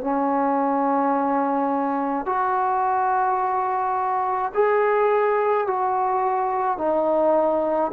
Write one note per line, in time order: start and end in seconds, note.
0.00 2.25 C#4
2.25 4.52 F#4
4.54 5.67 G#4
5.67 6.78 F#4
6.78 7.91 D#4